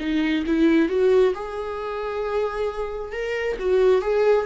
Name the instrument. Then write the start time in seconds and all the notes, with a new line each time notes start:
viola
0.00 D#4
0.47 E4
0.89 F#4
1.35 G#4
3.13 A#4
3.60 F#4
4.02 G#4